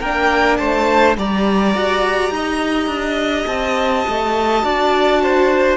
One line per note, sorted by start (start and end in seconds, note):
0.00 0.59 A#3
0.00 1.18 D4
0.00 0.58 A#4
0.00 0.57 G5
0.57 1.17 A3
0.57 1.16 C5
0.57 1.14 A5
1.17 1.75 G3
1.17 4.62 G4
1.17 2.33 D5
1.17 3.47 A#5
1.75 2.30 F#4
2.30 2.87 D#4
2.30 4.64 D#5
2.87 3.45 D4
3.47 4.05 C4
3.47 5.77 A5
4.08 4.63 A3
4.62 5.77 D4
4.62 5.77 F#4
4.62 5.22 D5
5.23 5.77 C5